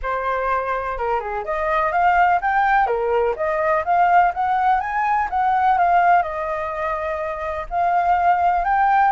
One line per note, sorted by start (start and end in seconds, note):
0.02 0.98 C5
0.98 1.20 A#4
1.20 1.44 G#4
1.44 1.92 D#5
1.92 2.40 F5
2.41 2.87 G5
2.87 3.35 A#4
3.36 3.84 D#5
3.84 4.32 F5
4.34 4.80 F#5
4.80 5.28 G#5
5.30 5.78 F#5
5.78 6.22 F5
6.22 7.66 D#5
7.70 8.64 F5
8.64 9.11 G5